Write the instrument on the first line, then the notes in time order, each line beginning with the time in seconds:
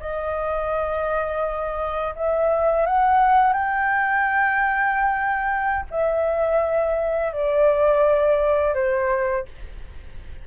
flute
0.00 D#5
2.15 E5
2.86 F#5
3.53 G5
5.91 E5
7.32 D5
8.74 C5